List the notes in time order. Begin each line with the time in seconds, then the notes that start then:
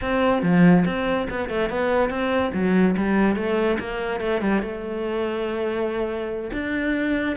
0.01 C4
0.42 F3
0.85 C4
1.30 B3
1.49 A3
1.69 B3
2.09 C4
2.53 F#3
2.97 G3
3.36 A3
3.79 A#3
4.20 A3
4.41 G3
4.62 A3
6.52 D4